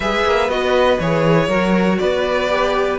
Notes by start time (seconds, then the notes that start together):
0.00 G#3 G#4 B4 E5
0.25 A#3
0.48 B3 F#4 D#5
0.99 E3 G#4 C#5
1.48 F#3 F#4 A#4
1.98 B3 B4 D5
2.49 G4